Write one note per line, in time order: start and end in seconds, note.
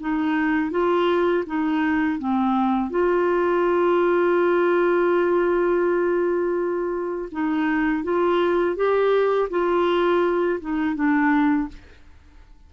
0.00 0.71 D#4
0.71 1.44 F4
1.47 2.19 D#4
2.19 2.90 C4
2.90 7.29 F4
7.32 8.04 D#4
8.04 8.76 F4
8.76 9.49 G4
9.50 10.60 F4
10.60 10.95 D#4
10.95 11.68 D4